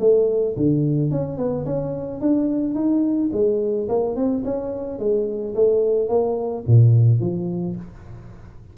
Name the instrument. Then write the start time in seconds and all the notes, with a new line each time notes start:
tuba
0.00 A3
0.57 D3
1.11 C#4
1.38 B3
1.66 C#4
2.21 D4
2.75 D#4
3.33 G#3
3.89 A#3
4.16 C4
4.45 C#4
4.99 G#3
5.55 A3
6.09 A#3
6.67 A#2
7.20 F3